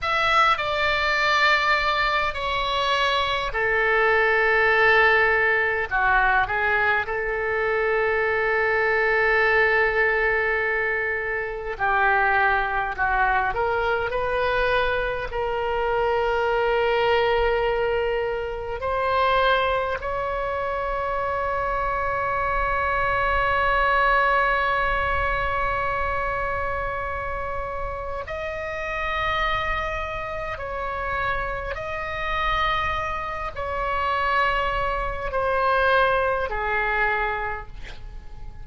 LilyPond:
\new Staff \with { instrumentName = "oboe" } { \time 4/4 \tempo 4 = 51 e''8 d''4. cis''4 a'4~ | a'4 fis'8 gis'8 a'2~ | a'2 g'4 fis'8 ais'8 | b'4 ais'2. |
c''4 cis''2.~ | cis''1 | dis''2 cis''4 dis''4~ | dis''8 cis''4. c''4 gis'4 | }